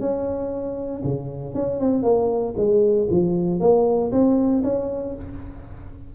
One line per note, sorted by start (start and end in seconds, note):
0.00 1.03 C#4
1.04 1.55 C#3
1.55 1.80 C#4
1.80 2.03 C4
2.03 2.54 A#3
2.57 3.08 G#3
3.10 3.60 F3
3.60 4.11 A#3
4.12 4.63 C4
4.64 5.15 C#4